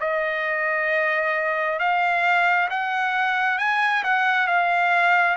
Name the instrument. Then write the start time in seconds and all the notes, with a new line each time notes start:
trumpet
0.00 D#5
1.79 F5
2.70 F#5
3.58 G#5
4.03 F#5
4.47 F5